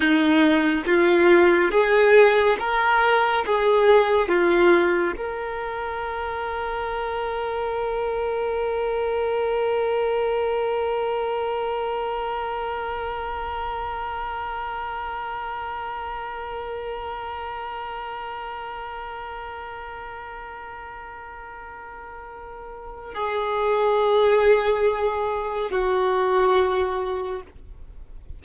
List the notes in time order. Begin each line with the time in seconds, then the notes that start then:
0.00 D#4
0.86 F4
1.71 G#4
2.59 A#4
3.46 G#4
4.28 F4
5.16 A#4
23.14 G#4
25.71 F#4